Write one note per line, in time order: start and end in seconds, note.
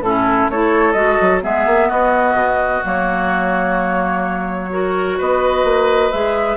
0.00 0.47 A2
0.00 0.52 C#4
0.00 0.51 E4
0.00 0.49 A4
0.49 0.94 A3
0.49 0.94 E4
0.49 1.43 A4
0.49 0.92 C#5
0.92 1.17 G#3
0.92 1.41 F#4
0.92 1.39 D#5
1.20 1.44 F#3
1.41 1.66 G#3
1.41 2.81 B3
1.41 1.88 G#4
1.41 1.90 E5
1.66 1.89 A#3
1.88 2.34 B3
1.88 4.69 F#4
1.88 2.83 D#5
2.34 2.80 B2
2.83 5.19 F#3
2.83 4.70 A#3
2.83 5.20 C#5
4.70 6.11 F#4
4.70 5.18 A#4
5.18 5.64 B3
5.18 6.56 B4
5.18 6.11 D#5
5.64 6.11 A#3
6.11 6.56 G#3
6.11 6.56 G#4
6.11 6.56 E5